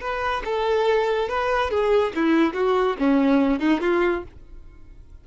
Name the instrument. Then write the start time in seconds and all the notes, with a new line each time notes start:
violin
0.00 B4
0.44 A4
1.28 B4
1.70 G#4
2.15 E4
2.53 F#4
2.99 C#4
3.59 D#4
3.81 F4